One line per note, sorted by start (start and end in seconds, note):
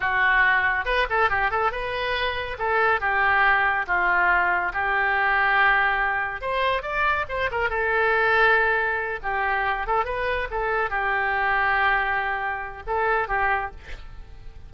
0.00 0.85 F#4
0.85 1.06 B4
1.09 1.29 A4
1.29 1.50 G4
1.50 1.71 A4
1.71 2.57 B4
2.58 3.00 A4
3.00 3.86 G4
3.86 4.72 F4
4.73 6.41 G4
6.41 6.82 C5
6.82 7.25 D5
7.28 7.50 C5
7.51 7.69 A#4
7.69 9.19 A4
9.22 9.86 G4
9.86 10.05 A4
10.05 10.47 B4
10.51 10.90 A4
10.90 12.82 G4
12.86 13.27 A4
13.27 13.70 G4